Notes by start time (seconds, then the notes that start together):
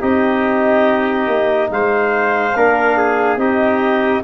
0.00 C4 D#4 G4 D#5
1.28 A#3
1.71 G#3 C5 F5
2.56 A#3 D4 A#4
2.98 G#4
3.37 C4 D#4 G4 D#5